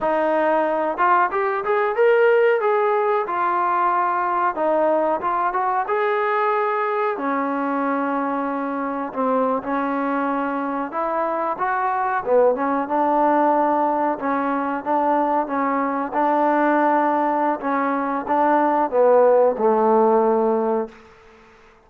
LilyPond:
\new Staff \with { instrumentName = "trombone" } { \time 4/4 \tempo 4 = 92 dis'4. f'8 g'8 gis'8 ais'4 | gis'4 f'2 dis'4 | f'8 fis'8 gis'2 cis'4~ | cis'2 c'8. cis'4~ cis'16~ |
cis'8. e'4 fis'4 b8 cis'8 d'16~ | d'4.~ d'16 cis'4 d'4 cis'16~ | cis'8. d'2~ d'16 cis'4 | d'4 b4 a2 | }